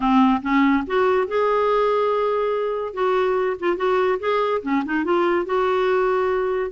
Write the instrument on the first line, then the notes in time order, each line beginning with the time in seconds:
clarinet
0.00 C4
0.42 C#4
0.86 F#4
1.27 G#4
2.93 F#4
3.59 F4
3.76 F#4
4.19 G#4
4.62 C#4
4.85 D#4
5.04 F4
5.45 F#4